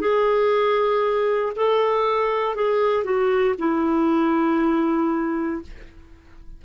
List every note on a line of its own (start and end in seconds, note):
0.00 1.53 G#4
1.56 2.55 A4
2.55 3.04 G#4
3.04 3.55 F#4
3.58 5.62 E4